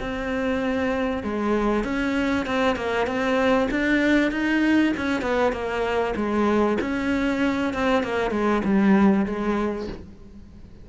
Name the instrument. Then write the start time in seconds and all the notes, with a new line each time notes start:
cello
0.00 C4
1.23 G#3
1.84 C#4
2.46 C4
2.76 A#3
3.07 C4
3.71 D4
4.32 D#4
4.97 C#4
5.22 B3
5.52 A#3
6.16 G#3
6.81 C#4
7.74 C4
8.04 A#3
8.31 G#3
8.65 G3
9.26 G#3